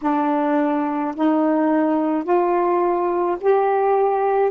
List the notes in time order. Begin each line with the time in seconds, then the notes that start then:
0.01 D4
1.15 D#4
2.24 F4
3.40 G4